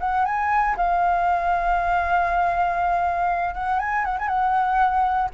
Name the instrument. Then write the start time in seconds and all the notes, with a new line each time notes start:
flute
0.00 F#5
0.25 G#5
0.77 F5
3.55 F#5
3.79 G#5
4.05 F#5
4.19 G#5
4.28 F#5